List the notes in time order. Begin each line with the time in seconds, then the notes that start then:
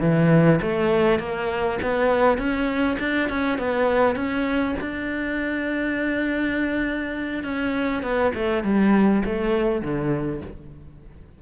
0.00 E3
0.61 A3
1.19 A#3
1.81 B3
2.37 C#4
2.99 D4
3.29 C#4
3.58 B3
4.15 C#4
4.80 D4
7.43 C#4
8.02 B3
8.34 A3
8.63 G3
9.25 A3
9.81 D3